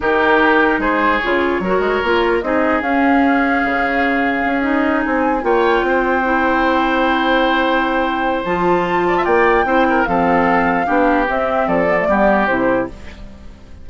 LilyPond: <<
  \new Staff \with { instrumentName = "flute" } { \time 4/4 \tempo 4 = 149 ais'2 c''4 cis''4~ | cis''2 dis''4 f''4~ | f''2.~ f''8 dis''8~ | dis''8 gis''4 g''2~ g''8~ |
g''1~ | g''4 a''2 g''4~ | g''4 f''2. | e''4 d''2 c''4 | }
  \new Staff \with { instrumentName = "oboe" } { \time 4/4 g'2 gis'2 | ais'2 gis'2~ | gis'1~ | gis'4. cis''4 c''4.~ |
c''1~ | c''2~ c''8 d''16 e''16 d''4 | c''8 ais'8 a'2 g'4~ | g'4 a'4 g'2 | }
  \new Staff \with { instrumentName = "clarinet" } { \time 4/4 dis'2. f'4 | fis'4 f'4 dis'4 cis'4~ | cis'2.~ cis'8 dis'8~ | dis'4. f'2 e'8~ |
e'1~ | e'4 f'2. | e'4 c'2 d'4 | c'4. b16 a16 b4 e'4 | }
  \new Staff \with { instrumentName = "bassoon" } { \time 4/4 dis2 gis4 cis4 | fis8 gis8 ais4 c'4 cis'4~ | cis'4 cis2 cis'4~ | cis'8 c'4 ais4 c'4.~ |
c'1~ | c'4 f2 ais4 | c'4 f2 b4 | c'4 f4 g4 c4 | }
>>